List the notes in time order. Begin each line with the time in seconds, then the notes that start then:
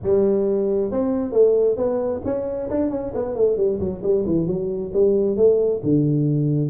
0.02 G3
0.91 C4
1.31 A3
1.76 B3
2.24 C#4
2.70 D4
2.90 C#4
3.14 B3
3.35 A3
3.57 G3
3.79 F#3
4.02 G3
4.26 E3
4.47 F#3
4.93 G3
5.36 A3
5.83 D3